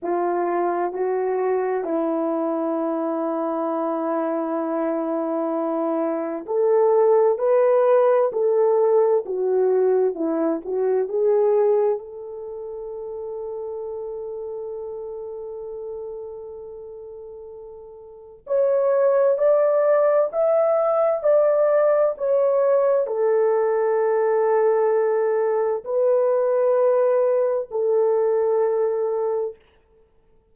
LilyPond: \new Staff \with { instrumentName = "horn" } { \time 4/4 \tempo 4 = 65 f'4 fis'4 e'2~ | e'2. a'4 | b'4 a'4 fis'4 e'8 fis'8 | gis'4 a'2.~ |
a'1 | cis''4 d''4 e''4 d''4 | cis''4 a'2. | b'2 a'2 | }